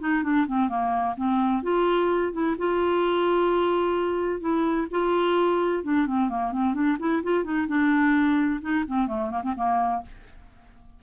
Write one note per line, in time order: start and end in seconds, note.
0.00 0.23 D#4
0.23 0.47 D4
0.47 0.69 C4
0.69 1.15 A#3
1.17 1.63 C4
1.63 2.33 F4
2.33 2.56 E4
2.58 4.41 F4
4.41 4.87 E4
4.91 5.84 F4
5.84 6.07 D4
6.07 6.30 C4
6.30 6.52 A#3
6.52 6.74 C4
6.74 6.98 D4
6.99 7.23 E4
7.23 7.44 F4
7.44 7.67 D#4
7.68 8.61 D4
8.62 8.85 D#4
8.87 9.07 C4
9.07 9.31 A3
9.31 9.42 A#3
9.43 9.55 C4
9.56 10.03 A#3